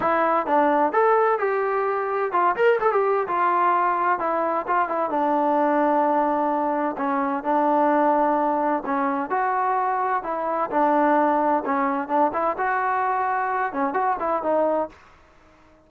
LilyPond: \new Staff \with { instrumentName = "trombone" } { \time 4/4 \tempo 4 = 129 e'4 d'4 a'4 g'4~ | g'4 f'8 ais'8 a'16 g'8. f'4~ | f'4 e'4 f'8 e'8 d'4~ | d'2. cis'4 |
d'2. cis'4 | fis'2 e'4 d'4~ | d'4 cis'4 d'8 e'8 fis'4~ | fis'4. cis'8 fis'8 e'8 dis'4 | }